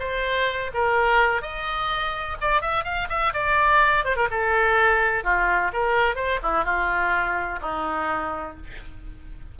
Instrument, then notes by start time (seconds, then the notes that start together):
oboe
0.00 C5
0.74 A#4
1.42 D#5
2.41 D5
2.62 E5
2.85 F5
3.10 E5
3.34 D5
4.05 C5
4.17 A#4
4.31 A4
5.24 F4
5.73 A#4
6.16 C5
6.43 E4
6.65 F4
7.62 D#4